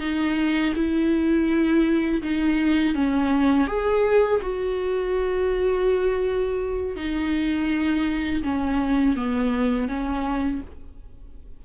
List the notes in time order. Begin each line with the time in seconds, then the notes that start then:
0.00 D#4
0.75 E4
2.22 D#4
2.94 C#4
3.68 G#4
4.42 F#4
6.96 D#4
8.43 C#4
9.16 B3
9.88 C#4